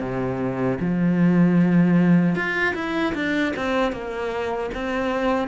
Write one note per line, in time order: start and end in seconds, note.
0.00 0.78 C3
0.80 2.35 F3
2.35 2.74 F4
2.74 3.13 E4
3.14 3.53 D4
3.56 3.92 C4
3.92 4.70 A#3
4.74 5.47 C4